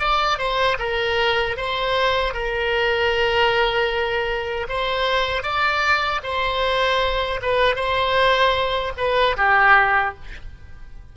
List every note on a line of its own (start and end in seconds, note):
0.00 0.39 D5
0.39 0.78 C5
0.79 1.57 A#4
1.57 2.34 C5
2.34 4.68 A#4
4.69 5.43 C5
5.43 6.21 D5
6.24 7.41 C5
7.43 7.76 B4
7.76 8.93 C5
8.98 9.37 B4
9.38 10.15 G4